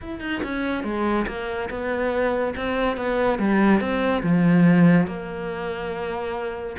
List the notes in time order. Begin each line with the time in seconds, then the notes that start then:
0.01 E4
0.20 D#4
0.43 C#4
0.83 G#3
1.27 A#3
1.70 B3
2.56 C4
2.97 B3
3.38 G3
3.80 C4
4.22 F3
5.06 A#3